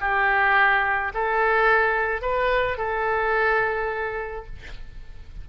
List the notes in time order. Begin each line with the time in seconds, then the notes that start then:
0.00 G4
1.14 A4
2.21 B4
2.77 A4